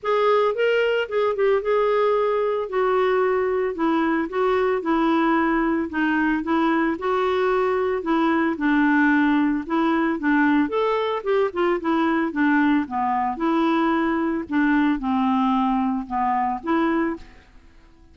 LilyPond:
\new Staff \with { instrumentName = "clarinet" } { \time 4/4 \tempo 4 = 112 gis'4 ais'4 gis'8 g'8 gis'4~ | gis'4 fis'2 e'4 | fis'4 e'2 dis'4 | e'4 fis'2 e'4 |
d'2 e'4 d'4 | a'4 g'8 f'8 e'4 d'4 | b4 e'2 d'4 | c'2 b4 e'4 | }